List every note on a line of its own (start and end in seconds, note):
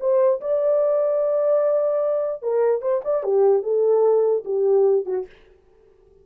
0.00 0.41 C5
0.41 2.43 D5
2.43 2.82 A#4
2.82 3.02 C5
3.05 3.23 D5
3.23 3.63 G4
3.63 4.44 A4
4.45 5.06 G4
5.06 5.26 F#4